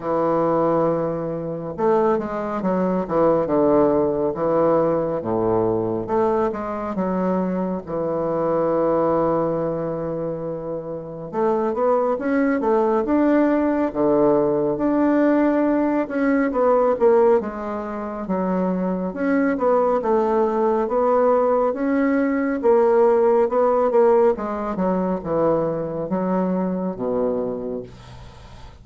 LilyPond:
\new Staff \with { instrumentName = "bassoon" } { \time 4/4 \tempo 4 = 69 e2 a8 gis8 fis8 e8 | d4 e4 a,4 a8 gis8 | fis4 e2.~ | e4 a8 b8 cis'8 a8 d'4 |
d4 d'4. cis'8 b8 ais8 | gis4 fis4 cis'8 b8 a4 | b4 cis'4 ais4 b8 ais8 | gis8 fis8 e4 fis4 b,4 | }